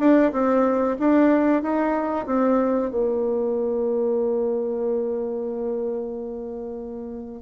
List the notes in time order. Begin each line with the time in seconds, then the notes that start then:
0.00 D4
0.33 C4
0.99 D4
1.62 D#4
2.26 C4
2.91 A#3